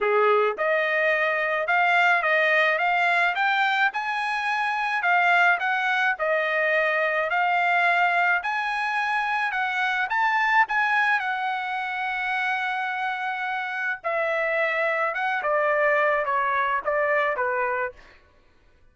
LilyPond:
\new Staff \with { instrumentName = "trumpet" } { \time 4/4 \tempo 4 = 107 gis'4 dis''2 f''4 | dis''4 f''4 g''4 gis''4~ | gis''4 f''4 fis''4 dis''4~ | dis''4 f''2 gis''4~ |
gis''4 fis''4 a''4 gis''4 | fis''1~ | fis''4 e''2 fis''8 d''8~ | d''4 cis''4 d''4 b'4 | }